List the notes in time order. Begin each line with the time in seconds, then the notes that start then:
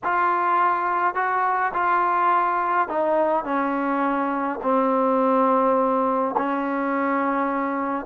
0.03 F4
1.14 F#4
1.73 F4
2.88 D#4
3.44 C#4
4.62 C4
6.37 C#4